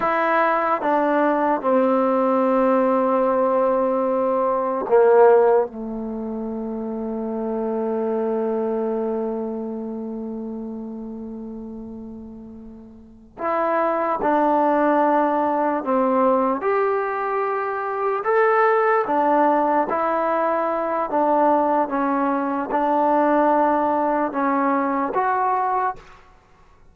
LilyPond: \new Staff \with { instrumentName = "trombone" } { \time 4/4 \tempo 4 = 74 e'4 d'4 c'2~ | c'2 ais4 a4~ | a1~ | a1~ |
a8 e'4 d'2 c'8~ | c'8 g'2 a'4 d'8~ | d'8 e'4. d'4 cis'4 | d'2 cis'4 fis'4 | }